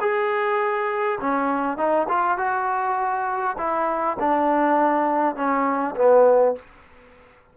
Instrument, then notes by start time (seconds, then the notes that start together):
trombone
0.00 G#4
1.20 C#4
1.77 D#4
2.09 F4
2.38 F#4
3.58 E4
4.19 D4
5.35 C#4
5.96 B3